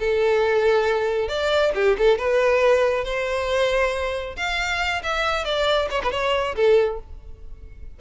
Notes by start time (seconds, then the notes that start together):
0.00 A4
1.29 D5
1.75 G4
1.98 A4
2.18 B4
3.05 C5
4.37 F5
5.03 E5
5.45 D5
5.91 C#5
6.04 B4
6.12 C#5
6.56 A4